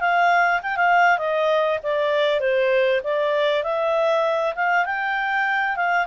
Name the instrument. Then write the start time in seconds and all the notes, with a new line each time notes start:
clarinet
0.00 F5
0.62 G5
0.77 F5
1.18 D#5
1.83 D5
2.40 C5
3.04 D5
3.63 E5
4.55 F5
4.85 G5
5.76 F5